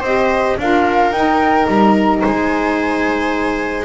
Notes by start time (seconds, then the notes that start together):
0.00 C4 G4 C5 D#5
0.57 D4 F4 A#4 F5
1.11 D#4 G5
1.68 G3 A#5
2.21 G#3 C5 G#5